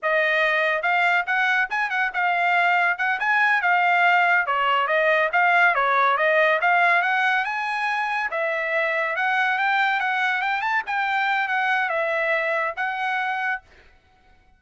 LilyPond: \new Staff \with { instrumentName = "trumpet" } { \time 4/4 \tempo 4 = 141 dis''2 f''4 fis''4 | gis''8 fis''8 f''2 fis''8 gis''8~ | gis''8 f''2 cis''4 dis''8~ | dis''8 f''4 cis''4 dis''4 f''8~ |
f''8 fis''4 gis''2 e''8~ | e''4. fis''4 g''4 fis''8~ | fis''8 g''8 a''8 g''4. fis''4 | e''2 fis''2 | }